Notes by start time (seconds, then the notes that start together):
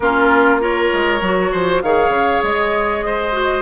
0.00 A#3 C#4 F4 A#4
0.59 F4 A#4 C#5
0.92 G#3
1.21 F#3 F#4
1.51 F3 C5
1.82 D#3 G#4 C#5 F5
2.08 C#3
2.43 G#3 D#5
3.05 C5
3.32 F#4